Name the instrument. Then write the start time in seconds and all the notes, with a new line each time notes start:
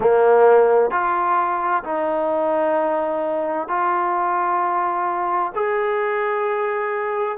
trombone
0.00 A#3
0.90 F4
1.83 D#4
3.68 F4
5.54 G#4